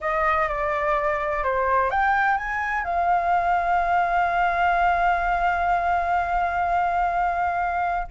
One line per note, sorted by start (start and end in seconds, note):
0.00 0.48 D#5
0.48 1.43 D5
1.43 1.90 C5
1.90 2.37 G5
2.37 2.83 G#5
2.83 8.07 F5